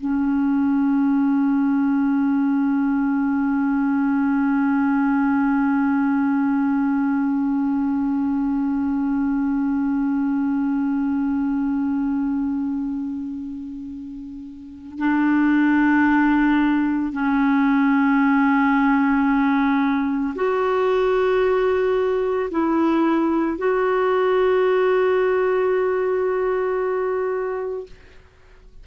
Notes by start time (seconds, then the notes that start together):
0.00 C#4
14.99 D4
17.12 C#4
20.35 F#4
22.50 E4
23.58 F#4